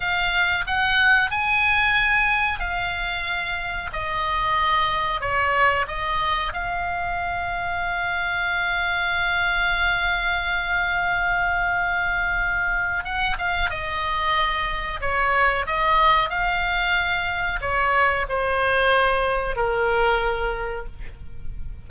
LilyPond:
\new Staff \with { instrumentName = "oboe" } { \time 4/4 \tempo 4 = 92 f''4 fis''4 gis''2 | f''2 dis''2 | cis''4 dis''4 f''2~ | f''1~ |
f''1 | fis''8 f''8 dis''2 cis''4 | dis''4 f''2 cis''4 | c''2 ais'2 | }